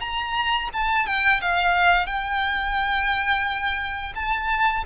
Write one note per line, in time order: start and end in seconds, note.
0.00 0.69 A#5
0.73 1.06 A5
1.06 1.40 G5
1.41 2.06 F5
2.06 4.13 G5
4.15 4.84 A5